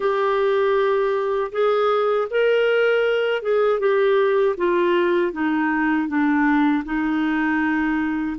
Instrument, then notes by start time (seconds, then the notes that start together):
clarinet
0.00 G4
1.52 G#4
2.30 A#4
3.42 G#4
3.79 G4
4.57 F4
5.32 D#4
6.08 D4
6.85 D#4